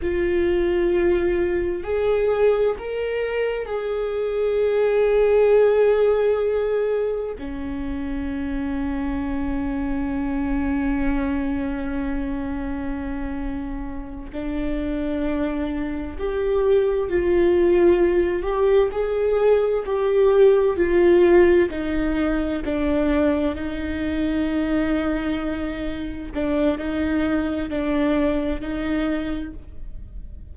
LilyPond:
\new Staff \with { instrumentName = "viola" } { \time 4/4 \tempo 4 = 65 f'2 gis'4 ais'4 | gis'1 | cis'1~ | cis'2.~ cis'8 d'8~ |
d'4. g'4 f'4. | g'8 gis'4 g'4 f'4 dis'8~ | dis'8 d'4 dis'2~ dis'8~ | dis'8 d'8 dis'4 d'4 dis'4 | }